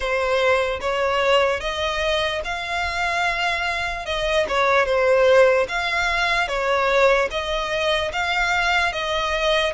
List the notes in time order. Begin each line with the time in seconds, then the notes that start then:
0.00 C5
0.80 C#5
1.60 D#5
2.44 F5
4.05 D#5
4.48 C#5
4.85 C5
5.68 F5
6.48 C#5
7.30 D#5
8.12 F5
8.92 D#5